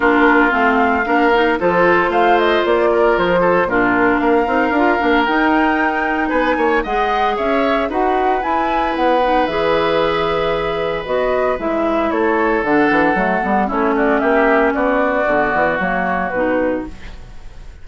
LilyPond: <<
  \new Staff \with { instrumentName = "flute" } { \time 4/4 \tempo 4 = 114 ais'4 f''2 c''4 | f''8 dis''8 d''4 c''4 ais'4 | f''2 g''2 | gis''4 fis''4 e''4 fis''4 |
gis''4 fis''4 e''2~ | e''4 dis''4 e''4 cis''4 | fis''2 cis''8 d''8 e''4 | d''2 cis''4 b'4 | }
  \new Staff \with { instrumentName = "oboe" } { \time 4/4 f'2 ais'4 a'4 | c''4. ais'4 a'8 f'4 | ais'1 | b'8 cis''8 dis''4 cis''4 b'4~ |
b'1~ | b'2. a'4~ | a'2 e'8 fis'8 g'4 | fis'1 | }
  \new Staff \with { instrumentName = "clarinet" } { \time 4/4 d'4 c'4 d'8 dis'8 f'4~ | f'2. d'4~ | d'8 dis'8 f'8 d'8 dis'2~ | dis'4 gis'2 fis'4 |
e'4. dis'8 gis'2~ | gis'4 fis'4 e'2 | d'4 a8 b8 cis'2~ | cis'4 b4 ais4 dis'4 | }
  \new Staff \with { instrumentName = "bassoon" } { \time 4/4 ais4 a4 ais4 f4 | a4 ais4 f4 ais,4 | ais8 c'8 d'8 ais8 dis'2 | b8 ais8 gis4 cis'4 dis'4 |
e'4 b4 e2~ | e4 b4 gis4 a4 | d8 e8 fis8 g8 a4 ais4 | b4 d8 e8 fis4 b,4 | }
>>